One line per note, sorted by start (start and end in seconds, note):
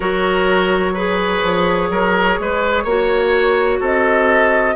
0.00 1.41 F#3
0.00 0.95 F#4
0.00 0.93 A#4
0.00 3.81 C#5
0.93 2.86 G#4
0.93 1.88 B4
1.42 1.89 F3
1.89 2.37 F#3
1.89 2.38 A#4
2.39 2.84 G#3
2.39 2.83 B4
2.83 3.79 A#3
2.83 4.75 F#4
2.83 3.79 C#5
3.80 4.75 C4
3.80 4.75 A4
3.80 4.75 D#5